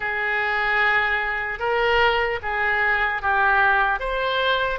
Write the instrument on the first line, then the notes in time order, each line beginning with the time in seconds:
oboe
0.00 G#4
1.59 A#4
2.42 G#4
3.22 G4
3.99 C5